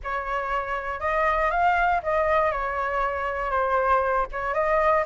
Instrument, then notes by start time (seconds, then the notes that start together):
flute
0.03 C#5
1.00 D#5
1.50 F5
2.02 D#5
2.51 C#5
3.50 C5
4.32 C#5
4.54 D#5